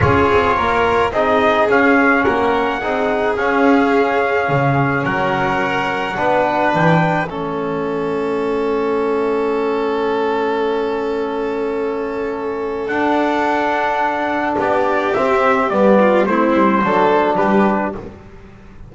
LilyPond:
<<
  \new Staff \with { instrumentName = "trumpet" } { \time 4/4 \tempo 4 = 107 cis''2 dis''4 f''4 | fis''2 f''2~ | f''4 fis''2. | g''4 e''2.~ |
e''1~ | e''2. fis''4~ | fis''2 d''4 e''4 | d''4 c''2 b'4 | }
  \new Staff \with { instrumentName = "violin" } { \time 4/4 gis'4 ais'4 gis'2 | ais'4 gis'2.~ | gis'4 ais'2 b'4~ | b'4 a'2.~ |
a'1~ | a'1~ | a'2 g'2~ | g'8 f'8 e'4 a'4 g'4 | }
  \new Staff \with { instrumentName = "trombone" } { \time 4/4 f'2 dis'4 cis'4~ | cis'4 dis'4 cis'2~ | cis'2. d'4~ | d'4 cis'2.~ |
cis'1~ | cis'2. d'4~ | d'2. c'4 | b4 c'4 d'2 | }
  \new Staff \with { instrumentName = "double bass" } { \time 4/4 cis'8 c'8 ais4 c'4 cis'4 | ais4 c'4 cis'2 | cis4 fis2 b4 | e4 a2.~ |
a1~ | a2. d'4~ | d'2 b4 c'4 | g4 a8 g8 fis4 g4 | }
>>